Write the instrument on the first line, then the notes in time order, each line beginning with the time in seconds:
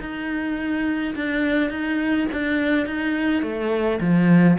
cello
0.00 D#4
1.15 D4
1.70 D#4
2.32 D4
2.86 D#4
3.42 A3
4.00 F3